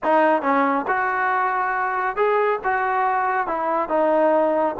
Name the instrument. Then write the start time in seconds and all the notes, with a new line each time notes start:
trombone
0.03 D#4
0.42 C#4
0.87 F#4
2.16 G#4
2.63 F#4
3.47 E4
3.88 D#4